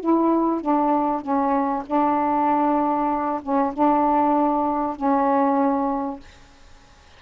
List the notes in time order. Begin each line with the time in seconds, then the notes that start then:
0.00 E4
0.61 D4
1.21 C#4
1.86 D4
3.42 C#4
3.73 D4
4.96 C#4